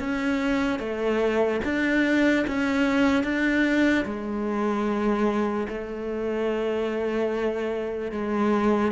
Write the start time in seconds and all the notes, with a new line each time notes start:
0.00 C#4
0.80 A3
1.65 D4
2.48 C#4
3.24 D4
4.05 G#3
5.69 A3
8.12 G#3